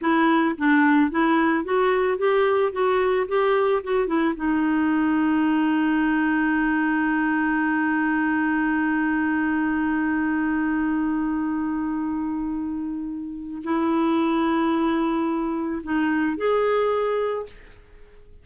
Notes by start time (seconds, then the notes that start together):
0.01 E4
0.58 D4
1.11 E4
1.64 F#4
2.18 G4
2.72 F#4
3.28 G4
3.83 F#4
4.07 E4
4.35 D#4
13.63 E4
15.83 D#4
16.37 G#4